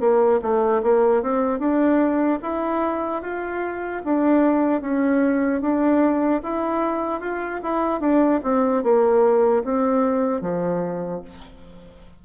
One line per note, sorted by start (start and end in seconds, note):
0.00 0.40 A#3
0.42 0.82 A3
0.83 1.23 A#3
1.23 1.60 C4
1.60 2.40 D4
2.42 3.22 E4
3.22 4.02 F4
4.05 4.81 D4
4.81 5.61 C#4
5.61 6.41 D4
6.43 7.21 E4
7.21 7.61 F4
7.63 8.01 E4
8.01 8.41 D4
8.43 8.83 C4
8.83 9.63 A#3
9.64 10.41 C4
10.41 11.21 F3